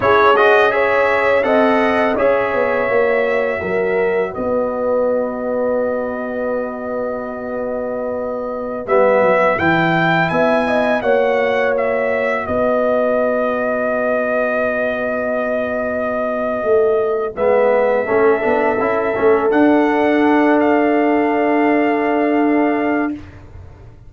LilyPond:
<<
  \new Staff \with { instrumentName = "trumpet" } { \time 4/4 \tempo 4 = 83 cis''8 dis''8 e''4 fis''4 e''4~ | e''2 dis''2~ | dis''1~ | dis''16 e''4 g''4 gis''4 fis''8.~ |
fis''16 e''4 dis''2~ dis''8.~ | dis''1 | e''2. fis''4~ | fis''8 f''2.~ f''8 | }
  \new Staff \with { instrumentName = "horn" } { \time 4/4 gis'4 cis''4 dis''4 cis''4~ | cis''4 ais'4 b'2~ | b'1~ | b'2~ b'16 e''8 dis''8 cis''8.~ |
cis''4~ cis''16 b'2~ b'8.~ | b'1~ | b'4 a'2.~ | a'1 | }
  \new Staff \with { instrumentName = "trombone" } { \time 4/4 e'8 fis'8 gis'4 a'4 gis'4 | fis'1~ | fis'1~ | fis'16 b4 e'2 fis'8.~ |
fis'1~ | fis'1 | b4 cis'8 d'8 e'8 cis'8 d'4~ | d'1 | }
  \new Staff \with { instrumentName = "tuba" } { \time 4/4 cis'2 c'4 cis'8 b8 | ais4 fis4 b2~ | b1~ | b16 g8 fis8 e4 b4 ais8.~ |
ais4~ ais16 b2~ b8.~ | b2. a4 | gis4 a8 b8 cis'8 a8 d'4~ | d'1 | }
>>